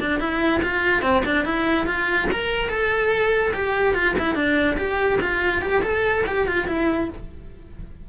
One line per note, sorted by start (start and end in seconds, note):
0.00 0.20 D4
0.20 0.62 E4
0.63 1.02 F4
1.02 1.23 C4
1.25 1.45 D4
1.45 1.87 E4
1.87 2.28 F4
2.32 2.69 A#4
2.69 3.53 A4
3.54 3.95 G4
3.95 4.16 F4
4.19 4.35 E4
4.35 4.77 D4
4.78 5.19 G4
5.22 5.62 F4
5.62 5.83 G4
5.83 6.25 A4
6.27 6.47 G4
6.48 6.68 F4
6.68 7.09 E4